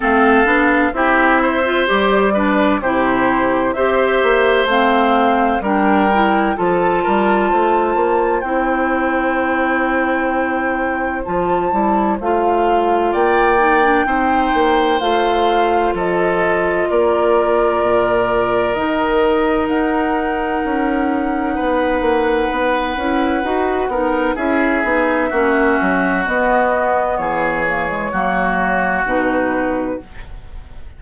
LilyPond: <<
  \new Staff \with { instrumentName = "flute" } { \time 4/4 \tempo 4 = 64 f''4 e''4 d''4 c''4 | e''4 f''4 g''4 a''4~ | a''4 g''2. | a''4 f''4 g''2 |
f''4 dis''4 d''2 | dis''4 fis''2.~ | fis''2 e''2 | dis''4 cis''2 b'4 | }
  \new Staff \with { instrumentName = "oboe" } { \time 4/4 a'4 g'8 c''4 b'8 g'4 | c''2 ais'4 a'8 ais'8 | c''1~ | c''2 d''4 c''4~ |
c''4 a'4 ais'2~ | ais'2. b'4~ | b'4. ais'8 gis'4 fis'4~ | fis'4 gis'4 fis'2 | }
  \new Staff \with { instrumentName = "clarinet" } { \time 4/4 c'8 d'8 e'8. f'16 g'8 d'8 e'4 | g'4 c'4 d'8 e'8 f'4~ | f'4 e'2. | f'8 e'8 f'4. dis'16 d'16 dis'4 |
f'1 | dis'1~ | dis'8 e'8 fis'8 dis'8 e'8 dis'8 cis'4 | b4. ais16 gis16 ais4 dis'4 | }
  \new Staff \with { instrumentName = "bassoon" } { \time 4/4 a8 b8 c'4 g4 c4 | c'8 ais8 a4 g4 f8 g8 | a8 ais8 c'2. | f8 g8 a4 ais4 c'8 ais8 |
a4 f4 ais4 ais,4 | dis4 dis'4 cis'4 b8 ais8 | b8 cis'8 dis'8 b8 cis'8 b8 ais8 fis8 | b4 e4 fis4 b,4 | }
>>